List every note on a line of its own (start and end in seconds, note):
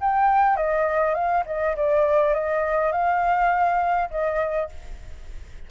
0.00 0.56 G5
0.56 1.14 D#5
1.14 1.43 F5
1.46 1.75 D#5
1.76 2.34 D5
2.34 2.92 D#5
2.92 4.09 F5
4.10 4.69 D#5